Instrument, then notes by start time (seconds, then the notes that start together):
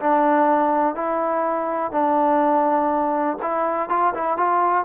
trombone
0.00 D4
0.96 E4
1.92 D4
3.42 E4
3.89 F4
4.14 E4
4.37 F4